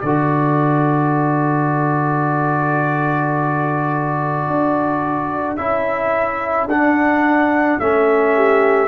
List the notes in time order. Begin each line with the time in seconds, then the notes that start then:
0.00 D3 F#4 A4 D5
4.47 D4
5.57 C#4 E4 E5
6.66 D4 F#5
7.80 A3 C#4 E5
8.36 G4